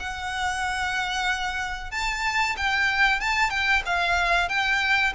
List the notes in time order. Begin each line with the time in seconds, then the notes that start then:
0.00 F#5
1.92 A5
2.57 G5
3.21 A5
3.50 G5
3.86 F5
4.49 G5